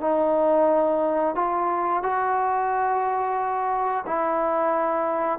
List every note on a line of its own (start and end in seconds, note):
0.00 1.35 D#4
1.35 2.03 F4
2.03 4.05 F#4
4.06 5.39 E4